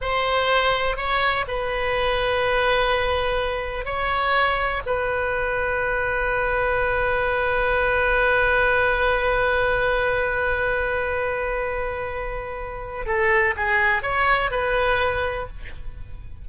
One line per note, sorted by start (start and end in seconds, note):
0.01 0.97 C5
0.97 1.45 C#5
1.47 3.85 B4
3.85 4.81 C#5
4.86 13.06 B4
13.06 13.54 A4
13.56 14.02 G#4
14.02 14.50 C#5
14.50 15.47 B4